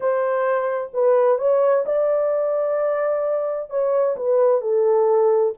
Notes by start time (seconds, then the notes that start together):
0.00 C5
0.93 B4
1.38 C#5
1.85 D5
3.69 C#5
4.16 B4
4.61 A4